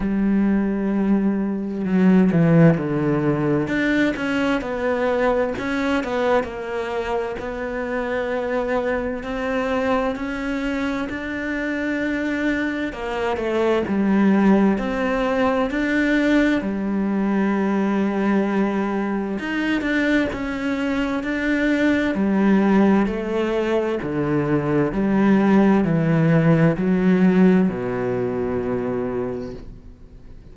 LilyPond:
\new Staff \with { instrumentName = "cello" } { \time 4/4 \tempo 4 = 65 g2 fis8 e8 d4 | d'8 cis'8 b4 cis'8 b8 ais4 | b2 c'4 cis'4 | d'2 ais8 a8 g4 |
c'4 d'4 g2~ | g4 dis'8 d'8 cis'4 d'4 | g4 a4 d4 g4 | e4 fis4 b,2 | }